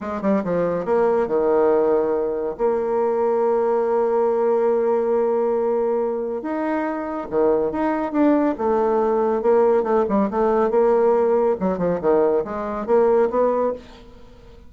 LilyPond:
\new Staff \with { instrumentName = "bassoon" } { \time 4/4 \tempo 4 = 140 gis8 g8 f4 ais4 dis4~ | dis2 ais2~ | ais1~ | ais2. dis'4~ |
dis'4 dis4 dis'4 d'4 | a2 ais4 a8 g8 | a4 ais2 fis8 f8 | dis4 gis4 ais4 b4 | }